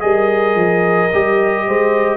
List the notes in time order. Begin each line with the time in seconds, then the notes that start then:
0.00 G3 G#4 A#4 D#5
0.55 F3
1.13 G3 G4
1.67 G#3 C5